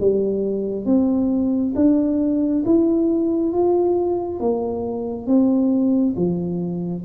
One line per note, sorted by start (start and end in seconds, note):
0.00 0.85 G3
0.85 1.74 C4
1.75 2.64 D4
2.65 3.53 E4
3.53 4.40 F4
4.40 5.26 A#3
5.26 6.14 C4
6.16 7.04 F3